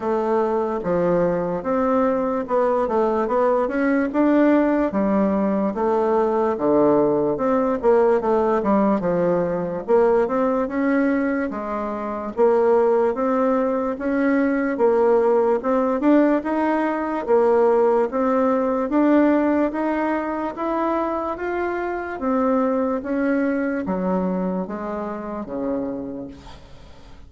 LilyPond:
\new Staff \with { instrumentName = "bassoon" } { \time 4/4 \tempo 4 = 73 a4 f4 c'4 b8 a8 | b8 cis'8 d'4 g4 a4 | d4 c'8 ais8 a8 g8 f4 | ais8 c'8 cis'4 gis4 ais4 |
c'4 cis'4 ais4 c'8 d'8 | dis'4 ais4 c'4 d'4 | dis'4 e'4 f'4 c'4 | cis'4 fis4 gis4 cis4 | }